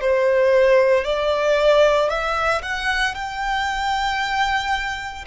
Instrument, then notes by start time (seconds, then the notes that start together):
violin
0.00 C5
1.04 D5
2.09 E5
2.62 F#5
3.14 G5